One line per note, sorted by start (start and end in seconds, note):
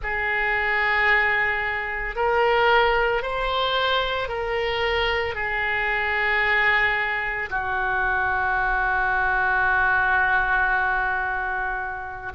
0.02 2.15 G#4
2.15 3.22 A#4
3.22 4.28 C5
4.28 5.34 A#4
5.34 7.49 G#4
7.50 12.32 F#4